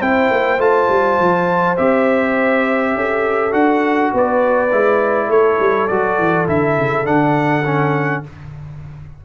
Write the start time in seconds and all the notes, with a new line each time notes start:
0.00 C4 E4 C5 G5
0.31 A#3
0.59 A3 F4 A5
0.89 G3
1.19 F3
1.77 C4 G4 E5
2.95 C#4 A4
3.52 D4 F#4 F#5
4.14 B3 B4 D5
4.72 G#3 E4
5.28 A3 A4 C#5
5.60 G3
5.88 F#3 F#4 D5
6.19 E3
6.47 D3 E4 E5
6.78 C#3
7.04 D3 D4 F#5
7.65 C#4